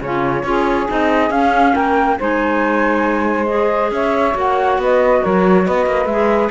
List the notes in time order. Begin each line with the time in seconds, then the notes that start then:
0.00 C#3 C#4 F4 C#5
0.43 C#4 F4 G#4
0.87 C4 D#4 D#5
1.30 C#4 F5
1.72 A#3 A#4 G5
2.18 G#3 D#4 C5 G#5
3.47 G#4 D#5
3.91 C#4 C#5 E5
4.33 A#3 F#4 F#5
4.77 B3 B4 D#5
5.21 F#3 A#4 C#5
5.65 B3 B4 D#5
5.86 A#3
6.05 G#3 G#4 E5